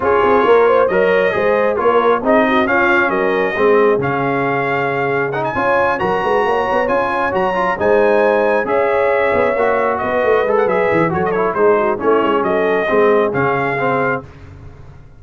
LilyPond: <<
  \new Staff \with { instrumentName = "trumpet" } { \time 4/4 \tempo 4 = 135 cis''2 dis''2 | cis''4 dis''4 f''4 dis''4~ | dis''4 f''2. | fis''16 gis''4~ gis''16 ais''2 gis''8~ |
gis''8 ais''4 gis''2 e''8~ | e''2~ e''8 dis''4~ dis''16 fis''16 | e''4 cis''16 dis''16 cis''8 c''4 cis''4 | dis''2 f''2 | }
  \new Staff \with { instrumentName = "horn" } { \time 4/4 gis'4 ais'8 c''8 cis''4 c''4 | ais'4 gis'8 fis'8 f'4 ais'4 | gis'1~ | gis'8 cis''4 ais'8 b'8 cis''4.~ |
cis''4. c''2 cis''8~ | cis''2~ cis''8 b'4.~ | b'4 a'4 gis'8 fis'8 e'4 | a'4 gis'2. | }
  \new Staff \with { instrumentName = "trombone" } { \time 4/4 f'2 ais'4 gis'4 | f'4 dis'4 cis'2 | c'4 cis'2. | dis'8 f'4 fis'2 f'8~ |
f'8 fis'8 f'8 dis'2 gis'8~ | gis'4. fis'2 a'8 | gis'4 fis'8 e'8 dis'4 cis'4~ | cis'4 c'4 cis'4 c'4 | }
  \new Staff \with { instrumentName = "tuba" } { \time 4/4 cis'8 c'8 ais4 fis4 gis4 | ais4 c'4 cis'4 fis4 | gis4 cis2.~ | cis8 cis'4 fis8 gis8 ais8 b8 cis'8~ |
cis'8 fis4 gis2 cis'8~ | cis'4 b8 ais4 b8 a8 gis8 | fis8 e8 fis4 gis4 a8 gis8 | fis4 gis4 cis2 | }
>>